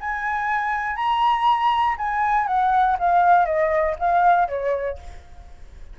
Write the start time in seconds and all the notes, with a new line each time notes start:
0.00 G#5
0.96 A#5
1.98 G#5
2.47 F#5
2.99 F5
3.45 D#5
3.99 F5
4.48 C#5